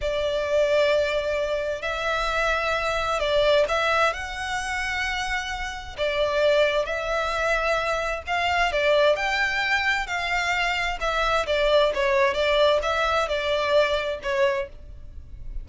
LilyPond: \new Staff \with { instrumentName = "violin" } { \time 4/4 \tempo 4 = 131 d''1 | e''2. d''4 | e''4 fis''2.~ | fis''4 d''2 e''4~ |
e''2 f''4 d''4 | g''2 f''2 | e''4 d''4 cis''4 d''4 | e''4 d''2 cis''4 | }